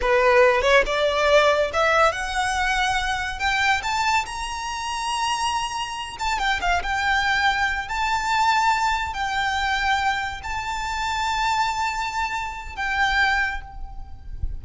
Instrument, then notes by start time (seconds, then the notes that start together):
violin
0.01 B4
0.61 C#5
0.85 D5
1.73 E5
2.12 F#5
3.39 G5
3.82 A5
4.25 A#5
6.19 A5
6.38 G5
6.61 F5
6.83 G5
7.88 A5
9.13 G5
10.43 A5
12.76 G5